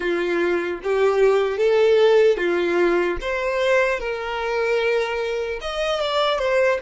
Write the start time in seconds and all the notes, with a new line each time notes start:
0.00 F4
0.83 G4
1.57 A4
2.37 F4
3.21 C5
3.99 A#4
5.61 D#5
6.00 D5
6.39 C5